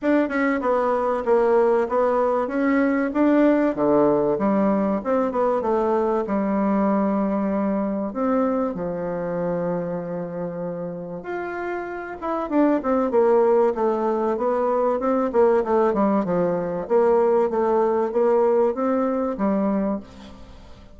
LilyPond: \new Staff \with { instrumentName = "bassoon" } { \time 4/4 \tempo 4 = 96 d'8 cis'8 b4 ais4 b4 | cis'4 d'4 d4 g4 | c'8 b8 a4 g2~ | g4 c'4 f2~ |
f2 f'4. e'8 | d'8 c'8 ais4 a4 b4 | c'8 ais8 a8 g8 f4 ais4 | a4 ais4 c'4 g4 | }